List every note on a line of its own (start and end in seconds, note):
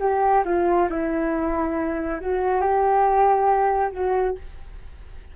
0.00 0.43 G4
0.45 0.88 F4
0.90 2.20 E4
2.21 2.61 F#4
2.61 3.91 G4
3.92 4.35 F#4